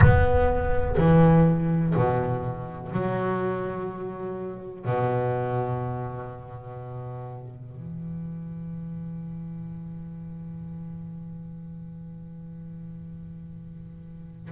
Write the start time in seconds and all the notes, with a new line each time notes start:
0.00 B3
0.97 E3
1.95 B2
2.91 F#3
4.84 B2
7.75 E3